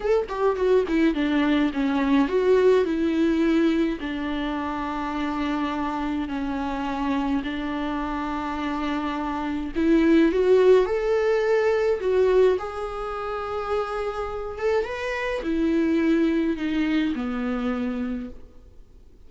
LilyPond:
\new Staff \with { instrumentName = "viola" } { \time 4/4 \tempo 4 = 105 a'8 g'8 fis'8 e'8 d'4 cis'4 | fis'4 e'2 d'4~ | d'2. cis'4~ | cis'4 d'2.~ |
d'4 e'4 fis'4 a'4~ | a'4 fis'4 gis'2~ | gis'4. a'8 b'4 e'4~ | e'4 dis'4 b2 | }